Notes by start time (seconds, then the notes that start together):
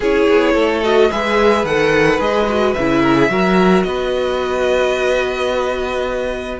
0.00 C#4 E4 G#4 C#5
0.29 B3
0.53 A3 A4
0.83 F#4 D#5
1.10 G#3 G#4 B4 E5
1.63 D#3 A4 F#5
2.18 G#3 G#4 D#5
2.48 F#4
2.73 C#3 E4 E5
3.02 A#4
3.14 G#4
3.29 F#3 F#4 A#4
3.83 B3 B4 D#5